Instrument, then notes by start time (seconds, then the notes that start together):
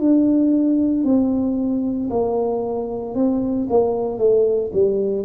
tuba
0.00 D4
1.04 C4
2.11 A#3
3.15 C4
3.70 A#3
4.19 A3
4.73 G3